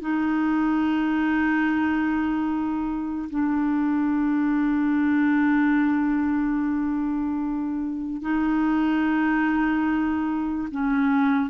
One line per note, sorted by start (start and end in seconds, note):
0.00 3.29 D#4
3.30 8.21 D4
8.21 10.68 D#4
10.71 11.50 C#4